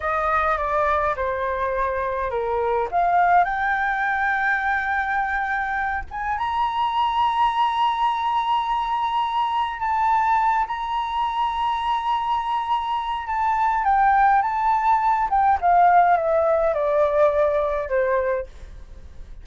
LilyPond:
\new Staff \with { instrumentName = "flute" } { \time 4/4 \tempo 4 = 104 dis''4 d''4 c''2 | ais'4 f''4 g''2~ | g''2~ g''8 gis''8 ais''4~ | ais''1~ |
ais''4 a''4. ais''4.~ | ais''2. a''4 | g''4 a''4. g''8 f''4 | e''4 d''2 c''4 | }